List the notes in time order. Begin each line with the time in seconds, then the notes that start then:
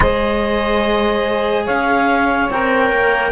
0.00 G#3 G#4 C5 D#5
1.64 C#4 C#5 F5
2.50 C4 A#4 G5
2.90 A#3